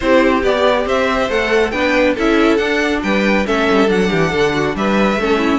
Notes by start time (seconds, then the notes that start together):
0.00 C4 E4 G4 C5
0.43 B3 G4 D5
0.85 C4 C5 E5
1.29 A3 A4 F#5
1.71 B3 D4 B4 G5
2.14 C#4 E4 A4 E5
2.56 D4 F#5
3.03 G3 B4 G5
3.45 A3 C#4 A4 E5
3.70 G3
3.87 F#3 D4 F#5
4.09 E3 G4
4.30 D3 A4
4.54 F#4
4.75 G3 B4 E5
5.16 A3 C#4 A4
5.37 E4